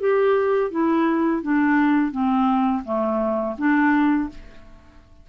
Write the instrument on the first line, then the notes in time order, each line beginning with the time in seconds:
clarinet
0.00 G4
0.71 E4
1.42 D4
2.11 C4
2.84 A3
3.58 D4